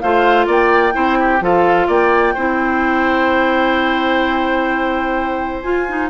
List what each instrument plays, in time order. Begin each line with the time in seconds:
0.00 bassoon A3, clarinet F4, oboe C5, flute F5
0.47 bassoon A#3, oboe D5, flute G5
0.92 bassoon C4, clarinet E4, oboe C5
1.20 oboe G4
1.41 bassoon F3, clarinet F4, oboe A4, flute F5
1.87 bassoon A#3, oboe D5, flute G5
2.34 bassoon C4, clarinet E4, oboe C5
5.62 clarinet F4, bassoon F4, flute G#5
5.88 clarinet D#4